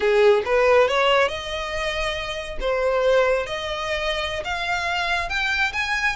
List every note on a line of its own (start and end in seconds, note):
0.00 0.42 G#4
0.45 0.88 B4
0.88 1.28 C#5
1.28 2.58 D#5
2.60 3.46 C5
3.46 4.43 D#5
4.44 5.29 F5
5.29 5.72 G5
5.72 6.15 G#5